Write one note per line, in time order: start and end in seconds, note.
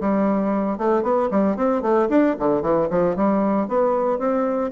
0.00 0.78 G3
0.78 1.03 A3
1.03 1.29 B3
1.31 1.56 G3
1.56 1.82 C4
1.82 2.08 A3
2.09 2.35 D4
2.39 2.61 D3
2.61 2.88 E3
2.89 3.16 F3
3.16 3.67 G3
3.67 4.18 B3
4.18 4.71 C4